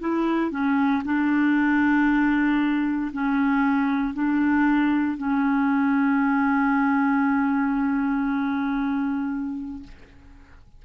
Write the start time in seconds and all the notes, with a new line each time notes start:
0.00 E4
0.51 C#4
1.05 D4
3.13 C#4
4.14 D4
5.18 C#4